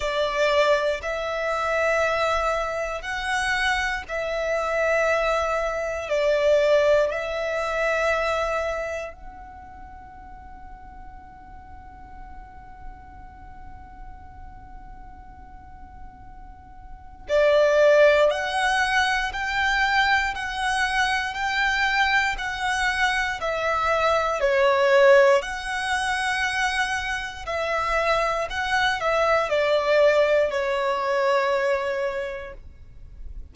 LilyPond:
\new Staff \with { instrumentName = "violin" } { \time 4/4 \tempo 4 = 59 d''4 e''2 fis''4 | e''2 d''4 e''4~ | e''4 fis''2.~ | fis''1~ |
fis''4 d''4 fis''4 g''4 | fis''4 g''4 fis''4 e''4 | cis''4 fis''2 e''4 | fis''8 e''8 d''4 cis''2 | }